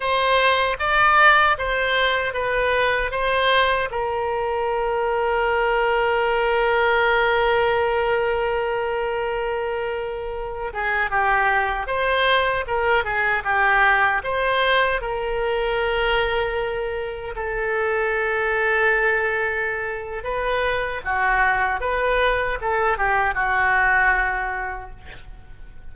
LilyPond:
\new Staff \with { instrumentName = "oboe" } { \time 4/4 \tempo 4 = 77 c''4 d''4 c''4 b'4 | c''4 ais'2.~ | ais'1~ | ais'4.~ ais'16 gis'8 g'4 c''8.~ |
c''16 ais'8 gis'8 g'4 c''4 ais'8.~ | ais'2~ ais'16 a'4.~ a'16~ | a'2 b'4 fis'4 | b'4 a'8 g'8 fis'2 | }